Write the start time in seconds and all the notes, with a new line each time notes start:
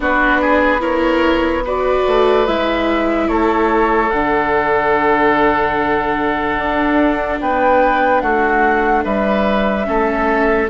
0.00 B3 D4 F#4 B4
0.41 G#4
0.80 E4 A#4 C#5
1.64 F#4 B4 D5
2.07 A3
2.46 G#3 E4 E5
3.28 A3 A4 C#5
4.10 D3 D4 F#5
6.57 D4
7.40 B3 B4 G5
8.20 A3 F#4 F#5
9.04 G3 B4 E5
9.84 A3 C#4 A4